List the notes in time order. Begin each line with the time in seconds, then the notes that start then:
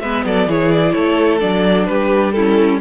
0.00 G#3 B3 B4 E5
0.25 F#3 A4 D5
0.47 E3 E4 G#4 C#5
0.72 D5
0.92 A3 A4 C#5
1.39 F#3 D4 D5
1.86 G3 G4 B4
2.31 E4 A4
2.37 C#4